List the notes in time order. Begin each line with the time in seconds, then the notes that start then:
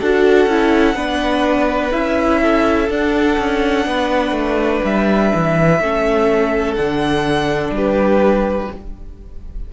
0.00 D4 F#4 A4 F#5
0.46 C#4 E4
0.94 B3 D4 B4
1.92 C#4 E4 E5
2.42 A4
2.89 D4 F#5
3.38 C#4
3.85 B3 B4
4.31 A3
4.84 G3 E5
5.34 E3
5.79 A3 C#4 A4
6.74 D3 D4 F#5
7.70 G3 G4 B4